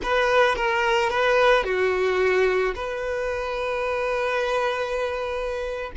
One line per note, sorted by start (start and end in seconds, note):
0.03 0.55 B4
0.55 1.10 A#4
1.10 1.64 B4
1.64 2.74 F#4
2.75 5.91 B4